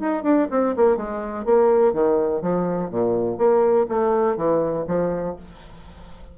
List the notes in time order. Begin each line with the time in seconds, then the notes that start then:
0.00 D#4
0.23 D4
0.51 C4
0.76 A#3
0.97 G#3
1.45 A#3
1.93 D#3
2.42 F3
2.90 A#2
3.38 A#3
3.89 A3
4.37 E3
4.88 F3